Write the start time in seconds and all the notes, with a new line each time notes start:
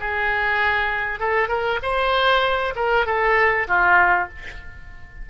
0.00 G#4
1.20 A4
1.48 A#4
1.82 C5
2.76 A#4
3.06 A4
3.67 F4